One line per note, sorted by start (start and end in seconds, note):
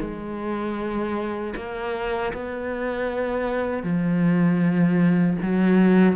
0.00 1.54 G#3
1.56 2.33 A#3
2.33 3.83 B3
3.83 5.37 F3
5.42 6.15 F#3